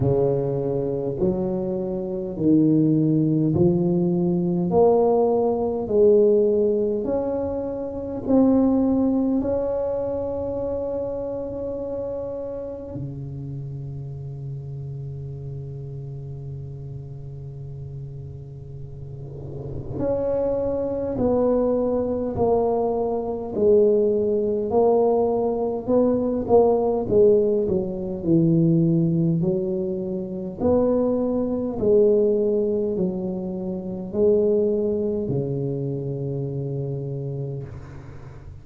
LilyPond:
\new Staff \with { instrumentName = "tuba" } { \time 4/4 \tempo 4 = 51 cis4 fis4 dis4 f4 | ais4 gis4 cis'4 c'4 | cis'2. cis4~ | cis1~ |
cis4 cis'4 b4 ais4 | gis4 ais4 b8 ais8 gis8 fis8 | e4 fis4 b4 gis4 | fis4 gis4 cis2 | }